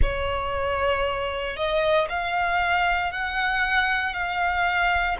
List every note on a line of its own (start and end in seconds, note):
0.01 1.56 C#5
1.56 2.08 D#5
2.09 3.11 F5
3.11 4.13 F#5
4.13 5.17 F5